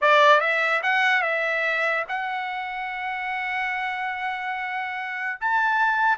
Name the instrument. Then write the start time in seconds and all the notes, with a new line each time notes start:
trumpet
0.01 D5
0.40 E5
0.82 F#5
1.22 E5
2.08 F#5
5.40 A5